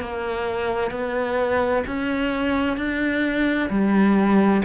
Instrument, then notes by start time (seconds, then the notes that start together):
cello
0.00 A#3
0.91 B3
1.87 C#4
2.77 D4
3.70 G3